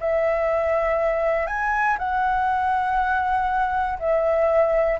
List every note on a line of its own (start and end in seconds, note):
0.00 1.47 E5
1.47 1.97 G#5
1.99 3.99 F#5
3.99 4.99 E5